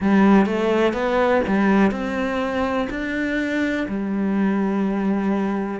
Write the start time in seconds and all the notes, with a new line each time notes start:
0.00 G3
0.46 A3
0.93 B3
1.47 G3
1.91 C4
2.89 D4
3.88 G3